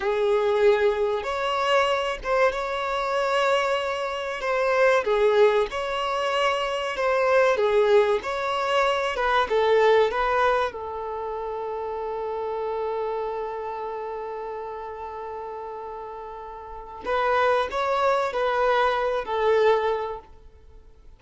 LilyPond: \new Staff \with { instrumentName = "violin" } { \time 4/4 \tempo 4 = 95 gis'2 cis''4. c''8 | cis''2. c''4 | gis'4 cis''2 c''4 | gis'4 cis''4. b'8 a'4 |
b'4 a'2.~ | a'1~ | a'2. b'4 | cis''4 b'4. a'4. | }